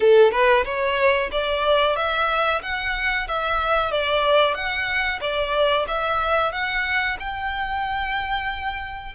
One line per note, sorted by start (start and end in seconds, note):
0.00 0.31 A4
0.31 0.64 B4
0.65 1.30 C#5
1.31 1.96 D5
1.96 2.61 E5
2.62 3.27 F#5
3.28 3.91 E5
3.91 4.54 D5
4.54 5.19 F#5
5.21 5.86 D5
5.87 6.52 E5
6.52 7.17 F#5
7.19 9.15 G5